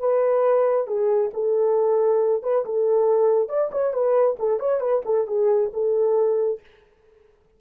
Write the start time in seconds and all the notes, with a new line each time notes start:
0.00 B4
0.88 G#4
1.34 A4
2.43 B4
2.66 A4
3.49 D5
3.72 C#5
3.94 B4
4.40 A4
4.60 C#5
4.81 B4
5.06 A4
5.28 G#4
5.74 A4